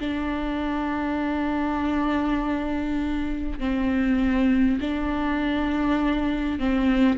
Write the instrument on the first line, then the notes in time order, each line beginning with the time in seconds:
viola
0.00 D4
3.59 C4
4.81 D4
6.59 C4